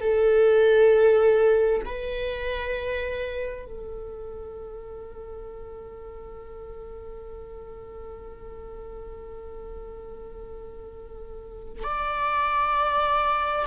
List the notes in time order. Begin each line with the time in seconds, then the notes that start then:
0.00 A4
1.85 B4
3.65 A4
11.83 D5